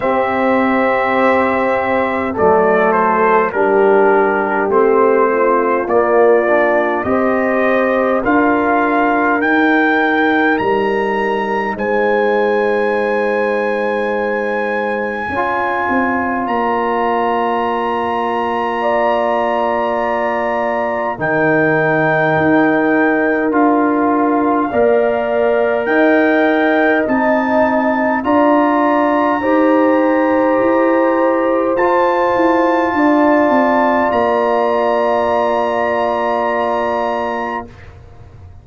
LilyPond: <<
  \new Staff \with { instrumentName = "trumpet" } { \time 4/4 \tempo 4 = 51 e''2 d''8 c''8 ais'4 | c''4 d''4 dis''4 f''4 | g''4 ais''4 gis''2~ | gis''2 ais''2~ |
ais''2 g''2 | f''2 g''4 a''4 | ais''2. a''4~ | a''4 ais''2. | }
  \new Staff \with { instrumentName = "horn" } { \time 4/4 g'2 a'4 g'4~ | g'8 f'4. c''4 ais'4~ | ais'2 c''2~ | c''4 cis''2. |
d''2 ais'2~ | ais'4 d''4 dis''2 | d''4 c''2. | d''1 | }
  \new Staff \with { instrumentName = "trombone" } { \time 4/4 c'2 a4 d'4 | c'4 ais8 d'8 g'4 f'4 | dis'1~ | dis'4 f'2.~ |
f'2 dis'2 | f'4 ais'2 dis'4 | f'4 g'2 f'4~ | f'1 | }
  \new Staff \with { instrumentName = "tuba" } { \time 4/4 c'2 fis4 g4 | a4 ais4 c'4 d'4 | dis'4 g4 gis2~ | gis4 cis'8 c'8 ais2~ |
ais2 dis4 dis'4 | d'4 ais4 dis'4 c'4 | d'4 dis'4 e'4 f'8 e'8 | d'8 c'8 ais2. | }
>>